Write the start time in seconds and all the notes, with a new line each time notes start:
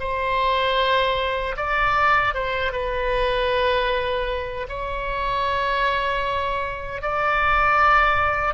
0.00 C5
1.57 D5
2.34 C5
2.72 B4
4.69 C#5
7.02 D5